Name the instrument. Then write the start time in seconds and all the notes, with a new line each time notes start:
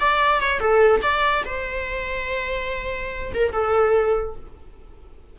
viola
0.00 D5
0.40 C#5
0.60 A4
1.02 D5
1.45 C5
3.34 A#4
3.52 A4